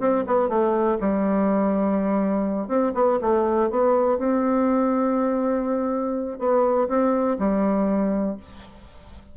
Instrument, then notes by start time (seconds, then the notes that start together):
bassoon
0.00 C4
0.27 B3
0.49 A3
1.01 G3
2.68 C4
2.95 B3
3.21 A3
3.70 B3
4.18 C4
6.39 B3
6.89 C4
7.39 G3